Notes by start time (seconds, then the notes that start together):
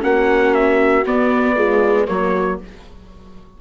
0.00 A#3 C#4 F#4 F#5
0.54 E5
1.05 B3 D5
1.56 G#3 F4
2.07 F#3 A#3 F#4 C#5